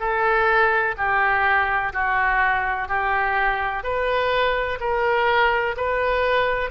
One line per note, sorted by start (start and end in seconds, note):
0.00 0.95 A4
0.98 1.93 G4
1.94 2.88 F#4
2.88 3.84 G4
3.84 4.79 B4
4.81 5.76 A#4
5.77 6.71 B4